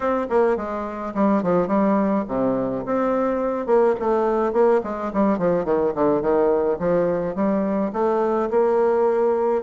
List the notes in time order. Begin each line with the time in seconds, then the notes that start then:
0.00 C4
0.29 A#3
0.56 G#3
1.14 G3
1.42 F3
1.67 G3
2.28 C3
2.85 C4
3.66 A#3
3.99 A3
4.52 A#3
4.83 G#3
5.13 G3
5.38 F3
5.64 D#3
5.94 D3
6.21 D#3
6.79 F3
7.35 G3
7.92 A3
8.50 A#3